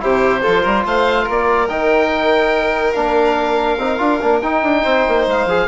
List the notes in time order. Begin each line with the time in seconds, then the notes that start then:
0.00 C3 E4 G4 C5
0.43 F3 F4 A4
0.63 G3 A#4
0.86 A3 C5 F5
1.24 A#3 A#4
1.31 D5
1.69 D#3 D#4 G5
2.93 A#3 D4 F5
3.78 C4 D#4
3.99 D4 F4
4.21 A#3 D4
4.42 D#4 G5
4.63 D4
4.83 C4 C5
5.08 A#3
5.27 G#3 F5
5.46 F3 G#4